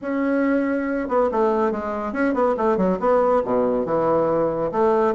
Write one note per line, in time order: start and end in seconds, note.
0.01 1.08 C#4
1.08 1.29 B3
1.31 1.71 A3
1.71 2.13 G#3
2.13 2.34 C#4
2.34 2.55 B3
2.57 2.77 A3
2.77 2.98 F#3
2.99 3.42 B3
3.44 3.85 B2
3.85 4.71 E3
4.71 5.14 A3